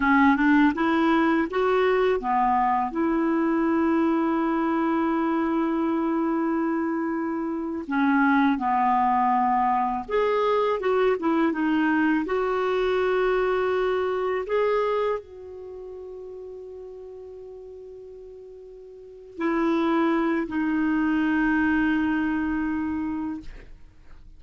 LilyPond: \new Staff \with { instrumentName = "clarinet" } { \time 4/4 \tempo 4 = 82 cis'8 d'8 e'4 fis'4 b4 | e'1~ | e'2~ e'8. cis'4 b16~ | b4.~ b16 gis'4 fis'8 e'8 dis'16~ |
dis'8. fis'2. gis'16~ | gis'8. fis'2.~ fis'16~ | fis'2~ fis'8 e'4. | dis'1 | }